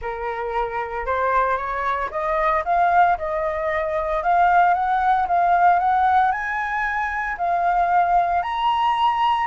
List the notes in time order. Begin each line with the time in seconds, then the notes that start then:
0.01 A#4
1.06 C5
1.57 C#5
2.11 D#5
2.65 F5
3.17 D#5
4.23 F5
4.74 F#5
5.27 F5
5.79 F#5
6.31 G#5
7.37 F5
8.42 A#5